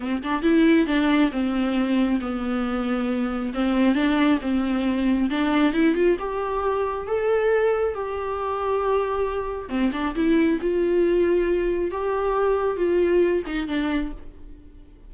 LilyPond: \new Staff \with { instrumentName = "viola" } { \time 4/4 \tempo 4 = 136 c'8 d'8 e'4 d'4 c'4~ | c'4 b2. | c'4 d'4 c'2 | d'4 e'8 f'8 g'2 |
a'2 g'2~ | g'2 c'8 d'8 e'4 | f'2. g'4~ | g'4 f'4. dis'8 d'4 | }